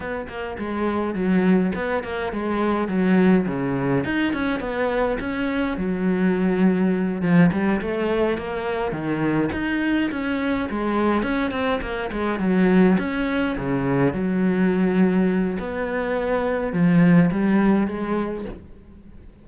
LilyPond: \new Staff \with { instrumentName = "cello" } { \time 4/4 \tempo 4 = 104 b8 ais8 gis4 fis4 b8 ais8 | gis4 fis4 cis4 dis'8 cis'8 | b4 cis'4 fis2~ | fis8 f8 g8 a4 ais4 dis8~ |
dis8 dis'4 cis'4 gis4 cis'8 | c'8 ais8 gis8 fis4 cis'4 cis8~ | cis8 fis2~ fis8 b4~ | b4 f4 g4 gis4 | }